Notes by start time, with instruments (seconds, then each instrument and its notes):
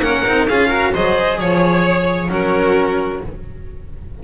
0.00 double bass A#3, cello C#4, violin A#4 F#5
0.26 double bass C4, cello D#4
0.48 double bass C#4, cello F4, violin G#4 F5
0.68 cello F#4, violin A#4
0.94 double bass F#3, cello G#4, violin C5 D#5
1.39 double bass F3, violin C#5
2.29 double bass F#3, cello C#4, violin F#4 A#4